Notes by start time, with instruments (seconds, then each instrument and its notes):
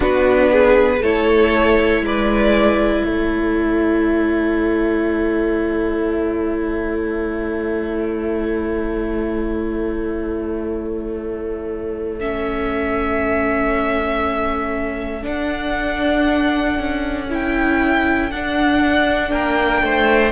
0.00 cello B3, viola D4, violin F#4 B4
0.50 violin G#4
1.00 cello A3, viola E4, violin A4 C#5
2.01 cello G#3, violin B4 D5
3.04 cello A3, violin A4 C#5
12.19 viola C#4, violin E5
15.22 viola D4, cello D4, violin F#5
16.78 cello C#4
17.29 viola E4, violin G5
18.31 cello D4, viola D4, violin F#5
19.31 cello A#3, violin A#4 G5
19.81 cello A3, violin C5